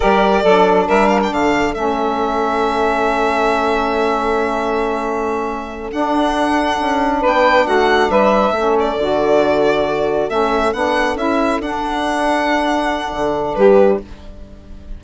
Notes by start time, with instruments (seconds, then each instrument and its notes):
0.00 bassoon G3, saxophone G4 A#4, violin D5
0.42 bassoon F#3, saxophone D4 A4
0.87 bassoon G3, saxophone A#4, violin E5
1.08 violin F5
1.22 violin G5
1.31 bassoon D3, saxophone A4, violin F5
1.74 bassoon A3, saxophone C#4, violin E5
5.92 bassoon D4, saxophone D4, violin F#5
6.80 bassoon C#4
7.20 bassoon B3, saxophone B4, violin G5
7.64 bassoon A3, saxophone F#4, violin F#5
8.09 bassoon G3, saxophone B4, violin E5
8.51 bassoon A3, saxophone C#4 A4
8.79 violin D5
8.97 bassoon D3, saxophone F#4
10.29 bassoon A3, saxophone C#4, violin E5
10.73 bassoon B3, saxophone D4, violin F#5
11.14 bassoon C#4, saxophone E4, violin E5
11.59 bassoon D4, saxophone D4, violin F#5
13.11 bassoon D3
13.54 bassoon G3, saxophone G4, violin B4